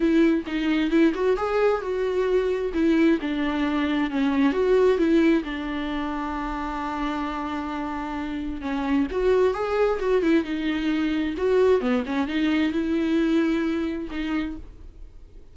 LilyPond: \new Staff \with { instrumentName = "viola" } { \time 4/4 \tempo 4 = 132 e'4 dis'4 e'8 fis'8 gis'4 | fis'2 e'4 d'4~ | d'4 cis'4 fis'4 e'4 | d'1~ |
d'2. cis'4 | fis'4 gis'4 fis'8 e'8 dis'4~ | dis'4 fis'4 b8 cis'8 dis'4 | e'2. dis'4 | }